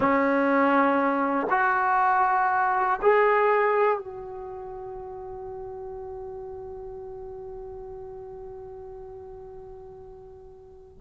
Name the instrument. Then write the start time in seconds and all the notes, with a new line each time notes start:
trombone
0.00 C#4
1.50 F#4
3.02 G#4
3.98 F#4